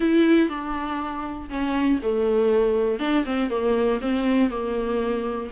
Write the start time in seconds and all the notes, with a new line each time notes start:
0.00 E4
0.49 D4
1.49 C#4
2.02 A3
2.99 D4
3.25 C4
3.50 A#3
4.01 C4
4.50 A#3